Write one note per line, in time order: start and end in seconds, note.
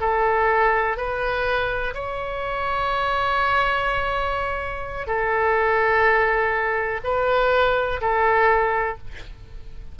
0.00 0.97 A4
0.97 1.94 B4
1.94 5.07 C#5
5.07 7.00 A4
7.04 8.01 B4
8.01 8.98 A4